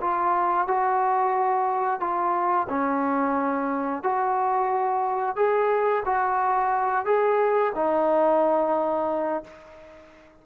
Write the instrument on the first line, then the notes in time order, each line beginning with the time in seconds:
trombone
0.00 F4
0.67 F#4
2.00 F4
2.68 C#4
4.03 F#4
5.36 G#4
6.05 F#4
7.05 G#4
7.75 D#4